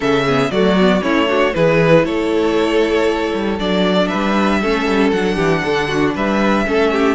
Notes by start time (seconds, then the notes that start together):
0.00 C#3 C#4 A4 E5
0.25 B3 G#4
0.50 F#3 A3 F#4 D5
0.79 B3
1.01 A3 C#4 E4 C#5
1.27 D4 F#4
1.54 E3 E4 G#4 B4
2.03 A3 A4 C#5
3.33 G3
3.59 F#3 D4 D5
4.07 B4 E5
4.13 G3
4.61 A3 C#4 A4
4.86 G3
5.11 F#3 D4 F#5
5.35 E3 G4
5.64 D3 A4
5.88 F#4
6.14 G3 B4 E5
6.65 A3 C#4 A4
6.91 G4